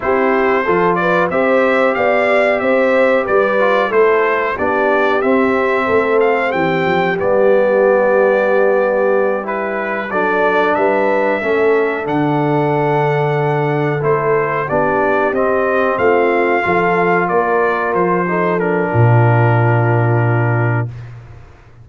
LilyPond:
<<
  \new Staff \with { instrumentName = "trumpet" } { \time 4/4 \tempo 4 = 92 c''4. d''8 e''4 f''4 | e''4 d''4 c''4 d''4 | e''4. f''8 g''4 d''4~ | d''2~ d''8 b'4 d''8~ |
d''8 e''2 fis''4.~ | fis''4. c''4 d''4 dis''8~ | dis''8 f''2 d''4 c''8~ | c''8 ais'2.~ ais'8 | }
  \new Staff \with { instrumentName = "horn" } { \time 4/4 g'4 a'8 b'8 c''4 d''4 | c''4 b'4 a'4 g'4~ | g'4 a'4 g'2~ | g'2.~ g'8 a'8~ |
a'8 b'4 a'2~ a'8~ | a'2~ a'8 g'4.~ | g'8 f'4 a'4 ais'4. | a'4 f'2. | }
  \new Staff \with { instrumentName = "trombone" } { \time 4/4 e'4 f'4 g'2~ | g'4. f'8 e'4 d'4 | c'2. b4~ | b2~ b8 e'4 d'8~ |
d'4. cis'4 d'4.~ | d'4. e'4 d'4 c'8~ | c'4. f'2~ f'8 | dis'8 d'2.~ d'8 | }
  \new Staff \with { instrumentName = "tuba" } { \time 4/4 c'4 f4 c'4 b4 | c'4 g4 a4 b4 | c'4 a4 e8 f8 g4~ | g2.~ g8 fis8~ |
fis8 g4 a4 d4.~ | d4. a4 b4 c'8~ | c'8 a4 f4 ais4 f8~ | f4 ais,2. | }
>>